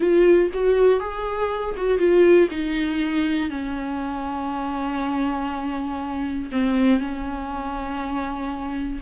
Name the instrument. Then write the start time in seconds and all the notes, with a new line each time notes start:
viola
0.00 F4
0.53 F#4
1.00 G#4
1.76 F#4
1.98 F4
2.50 D#4
3.50 C#4
6.51 C4
6.99 C#4